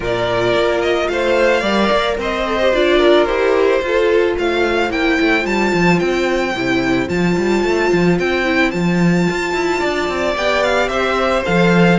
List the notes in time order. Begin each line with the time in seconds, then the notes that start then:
0.00 A#2 F4 A#4 D5
0.53 A#3
0.81 D#5
1.08 A3 C5 F5
1.60 G3 A#4 D5
1.91 A#3
2.17 C4 C5 D#5
2.45 A4
2.61 G4
2.73 D4 F4 D5
2.98 A#4
3.25 E4 G4 C5
3.81 F4 A4
4.38 A3 C5 F5
4.90 A#3 E4 G5
5.20 A3
5.41 G3 F4 A5
5.73 F3
5.99 C4 G5
6.54 C3 E4
7.08 F3 F4 A5
7.37 G3
7.64 A3
7.92 F3
8.19 C4 G5
8.45 E4
8.71 F3 F4 A5
9.29 F4
9.53 E4
9.80 D4 D5
10.08 C4
10.36 B3 G4 G5
10.63 F5
10.88 C4 C5 E5
11.45 F3 A4 F5